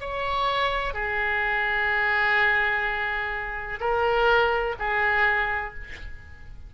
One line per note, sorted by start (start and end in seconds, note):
0.00 0.94 C#5
0.94 3.79 G#4
3.80 4.75 A#4
4.79 5.74 G#4